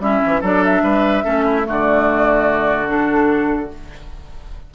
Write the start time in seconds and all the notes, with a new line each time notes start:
0.00 G3 C#4 E4 E5
0.26 E3
0.41 F#3 D4 A4 D5
0.64 E5
0.82 G3 B4
1.24 A3 C#4 A4
1.45 E4
1.64 D3 A3 F#4
1.70 D5
2.87 D4 A4